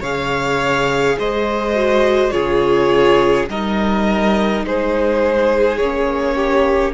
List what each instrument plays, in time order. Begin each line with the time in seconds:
0.00 cello C#3, viola G#4, violin C#5 F5
1.18 cello G#3, violin C5 D#5
1.75 viola F#4
2.30 cello C#3, viola F4, violin G#4 C#5
3.48 cello G3, viola D#4, violin A#4 D#5
4.64 cello G#3, violin G#4 C5
5.77 cello A#3, viola C#4, violin C#5
6.35 violin G4